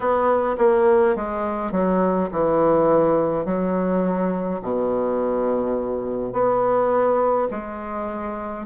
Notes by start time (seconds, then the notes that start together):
0.00 B3
0.58 A#3
1.15 G#3
1.72 F#3
2.31 E3
3.45 F#3
4.62 B2
6.32 B3
7.51 G#3